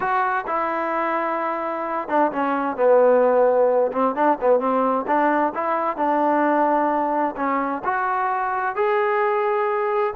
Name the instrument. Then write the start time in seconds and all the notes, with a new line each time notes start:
trombone
0.00 F#4
0.46 E4
2.08 D4
2.32 C#4
2.76 B3
3.92 C4
4.15 D4
4.41 B3
4.59 C4
5.07 D4
5.54 E4
5.96 D4
7.36 C#4
7.84 F#4
8.75 G#4